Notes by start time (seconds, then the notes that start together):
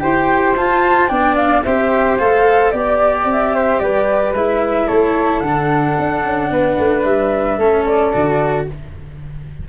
0.00 E4 G4 C5 G5
0.57 F4 A5
1.09 B3 D4 D5 G5
1.36 F5
1.63 C4 G4 C5 E5
2.19 A3 A4 F5
2.71 B3 G4 D5
3.25 C4
3.32 E5
3.55 C5
3.80 G3 B4 D5
4.34 G#3 E4 E5
4.87 A3 A4 C#5
5.40 D3 D4 F#5
5.99 D4
6.24 C#4
6.51 B3 B4
6.78 A3
7.04 G3 E5
7.58 A3 C#4 A4
7.86 D5
8.13 D3 F#4